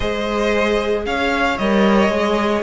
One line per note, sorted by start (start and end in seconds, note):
0.00 1.05 G#3
0.00 1.55 G#4
0.00 1.03 C5
0.00 1.05 D#5
1.05 1.58 C#4
1.05 2.62 C#5
1.05 1.58 F5
1.58 2.09 G3
1.58 2.11 A#4
1.58 2.62 D#5
2.09 2.62 G#3
2.09 2.62 G#4